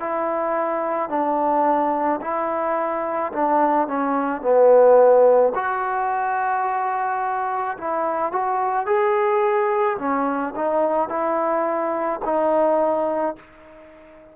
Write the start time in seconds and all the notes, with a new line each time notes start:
0.00 E4
1.09 D4
2.21 E4
3.32 D4
3.87 C#4
4.41 B3
5.55 F#4
7.77 E4
8.32 F#4
8.86 G#4
9.98 C#4
10.56 D#4
11.09 E4
12.25 D#4